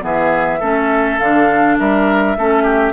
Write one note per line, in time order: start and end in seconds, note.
0.00 0.61 E3
0.00 0.58 B3
0.00 0.59 G#4
0.00 1.18 E5
0.59 1.19 A3
0.59 1.20 C#4
0.59 1.76 A4
1.18 1.78 D3
1.18 2.37 D4
1.18 1.77 F5
1.79 2.36 G3
1.79 2.37 A#4
1.79 2.92 E5
2.36 2.92 A3
2.36 2.92 C#4
2.36 2.63 A4
2.63 2.92 G4